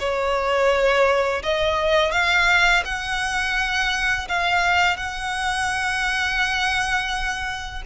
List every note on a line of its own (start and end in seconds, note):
0.00 1.43 C#5
1.43 2.12 D#5
2.12 2.84 F5
2.85 4.28 F#5
4.29 4.97 F5
4.97 7.83 F#5